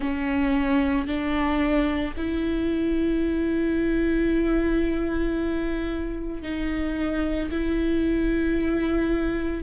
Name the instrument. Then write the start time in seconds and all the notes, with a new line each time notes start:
viola
0.00 C#4
1.07 D4
2.17 E4
6.42 D#4
7.50 E4